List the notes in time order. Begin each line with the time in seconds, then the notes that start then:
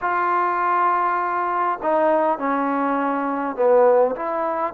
0.01 F4
1.82 D#4
2.38 C#4
3.55 B3
4.16 E4